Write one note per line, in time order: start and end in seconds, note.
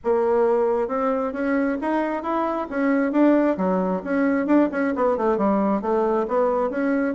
0.04 0.88 A#3
0.88 1.32 C4
1.32 1.77 C#4
1.81 2.22 D#4
2.22 2.67 E4
2.70 3.12 C#4
3.12 3.56 D4
3.57 4.02 F#3
4.04 4.46 C#4
4.46 4.69 D4
4.71 4.94 C#4
4.95 5.17 B3
5.17 5.37 A3
5.37 5.81 G3
5.81 6.26 A3
6.28 6.70 B3
6.70 7.14 C#4